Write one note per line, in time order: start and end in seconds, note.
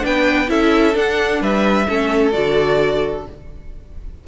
0.00 0.49 B3
0.00 0.46 D4
0.00 0.50 B4
0.00 0.50 G5
0.47 0.95 C#4
0.47 0.93 E4
0.47 1.41 A4
0.47 0.96 E5
0.93 1.85 D4
0.93 1.40 D4
0.93 1.42 F#5
1.40 1.86 G3
1.40 1.87 B4
1.40 2.31 E5
1.88 2.34 A3
1.88 2.32 C#4
1.88 3.27 A4
2.31 3.26 D3
2.31 3.24 F#4
2.31 3.24 D5